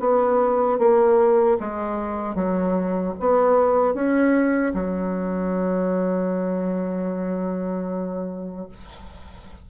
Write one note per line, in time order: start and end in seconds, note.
0.00 0.79 B3
0.79 1.58 A#3
1.60 2.35 G#3
2.35 3.14 F#3
3.20 3.94 B3
3.94 4.73 C#4
4.74 8.69 F#3